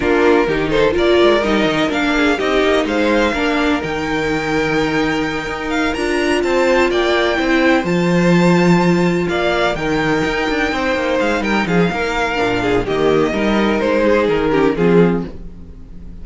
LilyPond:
<<
  \new Staff \with { instrumentName = "violin" } { \time 4/4 \tempo 4 = 126 ais'4. c''8 d''4 dis''4 | f''4 dis''4 f''2 | g''1 | f''8 ais''4 a''4 g''4.~ |
g''8 a''2. f''8~ | f''8 g''2. f''8 | g''8 f''2~ f''8 dis''4~ | dis''4 c''4 ais'4 gis'4 | }
  \new Staff \with { instrumentName = "violin" } { \time 4/4 f'4 g'8 a'8 ais'2~ | ais'8 gis'8 g'4 c''4 ais'4~ | ais'1~ | ais'4. c''4 d''4 c''8~ |
c''2.~ c''8 d''8~ | d''8 ais'2 c''4. | ais'8 gis'8 ais'4. gis'8 g'4 | ais'4. gis'4 g'8 f'4 | }
  \new Staff \with { instrumentName = "viola" } { \time 4/4 d'4 dis'4 f'4 dis'4 | d'4 dis'2 d'4 | dis'1~ | dis'8 f'2. e'8~ |
e'8 f'2.~ f'8~ | f'8 dis'2.~ dis'8~ | dis'2 d'4 ais4 | dis'2~ dis'8 cis'8 c'4 | }
  \new Staff \with { instrumentName = "cello" } { \time 4/4 ais4 dis4 ais8 gis8 g8 dis8 | ais4 c'8 ais8 gis4 ais4 | dis2.~ dis8 dis'8~ | dis'8 d'4 c'4 ais4 c'8~ |
c'8 f2. ais8~ | ais8 dis4 dis'8 d'8 c'8 ais8 gis8 | g8 f8 ais4 ais,4 dis4 | g4 gis4 dis4 f4 | }
>>